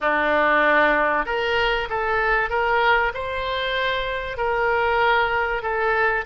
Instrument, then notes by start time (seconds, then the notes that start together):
oboe
0.00 D4
1.25 A#4
1.89 A4
2.49 A#4
3.14 C5
4.37 A#4
5.62 A4